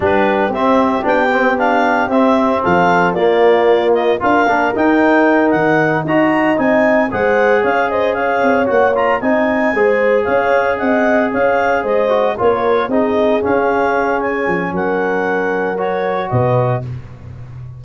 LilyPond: <<
  \new Staff \with { instrumentName = "clarinet" } { \time 4/4 \tempo 4 = 114 b'4 e''4 g''4 f''4 | e''4 f''4 d''4. dis''8 | f''4 g''4. fis''4 ais''8~ | ais''8 gis''4 fis''4 f''8 dis''8 f''8~ |
f''8 fis''8 ais''8 gis''2 f''8~ | f''8 fis''4 f''4 dis''4 cis''8~ | cis''8 dis''4 f''4. gis''4 | fis''2 cis''4 dis''4 | }
  \new Staff \with { instrumentName = "horn" } { \time 4/4 g'1~ | g'4 a'4 f'2 | ais'2.~ ais'8 dis''8~ | dis''4. c''4 cis''8 c''8 cis''8~ |
cis''4. dis''4 c''4 cis''8~ | cis''8 dis''4 cis''4 c''4 ais'8~ | ais'8 gis'2.~ gis'8 | ais'2. b'4 | }
  \new Staff \with { instrumentName = "trombone" } { \time 4/4 d'4 c'4 d'8 c'8 d'4 | c'2 ais2 | f'8 d'8 dis'2~ dis'8 fis'8~ | fis'8 dis'4 gis'2~ gis'8~ |
gis'8 fis'8 f'8 dis'4 gis'4.~ | gis'2. fis'8 f'8~ | f'8 dis'4 cis'2~ cis'8~ | cis'2 fis'2 | }
  \new Staff \with { instrumentName = "tuba" } { \time 4/4 g4 c'4 b2 | c'4 f4 ais2 | d'8 ais8 dis'4. dis4 dis'8~ | dis'8 c'4 gis4 cis'4. |
c'8 ais4 c'4 gis4 cis'8~ | cis'8 c'4 cis'4 gis4 ais8~ | ais8 c'4 cis'2 f8 | fis2. b,4 | }
>>